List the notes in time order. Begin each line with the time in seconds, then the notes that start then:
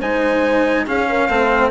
0.00 G#3 D#4 C5 G#5
0.87 C#4 G#4 F5
1.09 A#4
1.28 A3 C4 C5